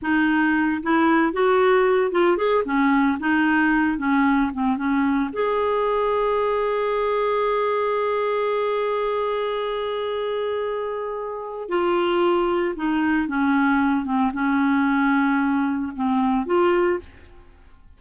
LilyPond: \new Staff \with { instrumentName = "clarinet" } { \time 4/4 \tempo 4 = 113 dis'4. e'4 fis'4. | f'8 gis'8 cis'4 dis'4. cis'8~ | cis'8 c'8 cis'4 gis'2~ | gis'1~ |
gis'1~ | gis'2 f'2 | dis'4 cis'4. c'8 cis'4~ | cis'2 c'4 f'4 | }